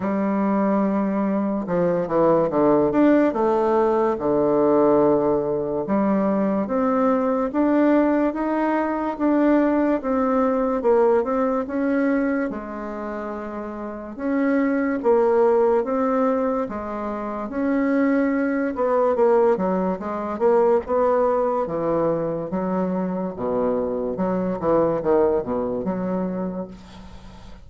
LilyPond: \new Staff \with { instrumentName = "bassoon" } { \time 4/4 \tempo 4 = 72 g2 f8 e8 d8 d'8 | a4 d2 g4 | c'4 d'4 dis'4 d'4 | c'4 ais8 c'8 cis'4 gis4~ |
gis4 cis'4 ais4 c'4 | gis4 cis'4. b8 ais8 fis8 | gis8 ais8 b4 e4 fis4 | b,4 fis8 e8 dis8 b,8 fis4 | }